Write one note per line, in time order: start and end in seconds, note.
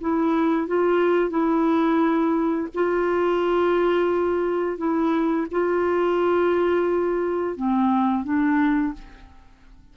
0.00 0.67 E4
0.67 1.30 F4
1.30 2.68 E4
2.74 4.77 F4
4.77 5.46 E4
5.51 7.56 F4
7.56 8.24 C4
8.24 8.93 D4